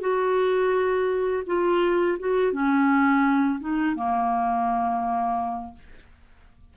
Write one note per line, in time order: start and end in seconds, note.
0.00 1.43 F#4
1.46 2.18 F4
2.19 2.52 F#4
2.52 3.59 C#4
3.59 3.95 D#4
3.95 5.74 A#3